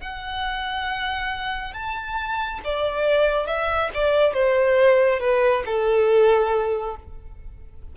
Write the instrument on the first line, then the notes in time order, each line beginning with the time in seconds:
violin
0.00 F#5
1.73 A5
2.64 D5
3.46 E5
3.94 D5
4.33 C5
5.19 B4
5.65 A4